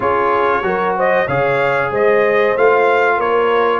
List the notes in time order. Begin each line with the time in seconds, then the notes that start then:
0.00 C#4 F4 G#4 C#5
0.62 F#3 F#4 A#4
0.97 C5 D#5
1.26 C#3 G#4 C#5 F5
1.90 G#3 C5 D#5
2.56 A3 F4 F5
3.16 A#3 A#4 C#5